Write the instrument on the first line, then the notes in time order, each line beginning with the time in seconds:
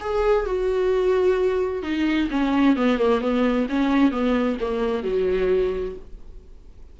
viola
0.00 G#4
0.46 F#4
1.83 D#4
2.31 C#4
2.76 B3
2.99 A#3
3.21 B3
3.69 C#4
4.11 B3
4.61 A#3
5.03 F#3